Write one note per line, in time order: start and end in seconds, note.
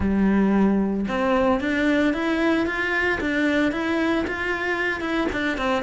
0.00 1.06 G3
1.07 1.60 C4
1.60 2.13 D4
2.13 2.66 E4
2.66 3.19 F4
3.20 3.72 D4
3.72 4.25 E4
4.27 5.00 F4
5.00 5.27 E4
5.32 5.57 D4
5.57 5.82 C4